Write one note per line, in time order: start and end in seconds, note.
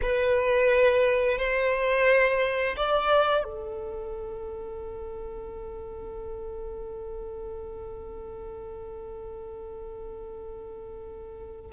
0.02 1.38 B4
1.38 2.76 C5
2.76 3.44 D5
3.44 11.71 A4